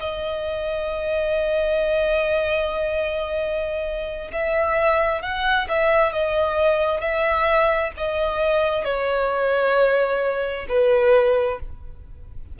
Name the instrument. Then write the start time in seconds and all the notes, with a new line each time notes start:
violin
0.00 D#5
4.32 E5
5.22 F#5
5.69 E5
6.13 D#5
7.01 E5
7.97 D#5
8.85 C#5
10.69 B4